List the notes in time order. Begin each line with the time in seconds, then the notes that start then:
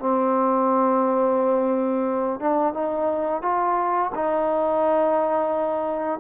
0.00 C4
2.40 D4
2.74 D#4
3.42 F4
4.15 D#4